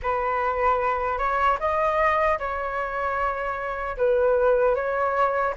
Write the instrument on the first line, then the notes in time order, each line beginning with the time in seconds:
flute
0.02 B4
1.18 C#5
1.59 D#5
2.38 C#5
3.97 B4
4.75 C#5